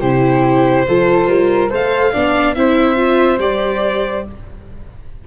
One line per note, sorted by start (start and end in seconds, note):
0.00 0.86 C3
0.00 0.86 E4
0.00 0.85 G4
0.00 1.69 C5
0.87 1.27 F3
0.87 1.70 F4
0.87 1.28 A4
1.27 1.69 G3
1.27 1.70 A#4
1.70 2.15 A3
1.70 2.12 A4
1.70 2.12 C5
1.70 2.54 F5
2.12 2.56 B3
2.12 2.55 D4
2.12 2.54 D5
2.54 3.38 C4
2.54 2.96 E4
2.54 4.27 C5
2.54 3.38 E5
2.96 3.38 F4
3.38 4.23 G3
3.38 4.24 G4
3.38 4.24 D5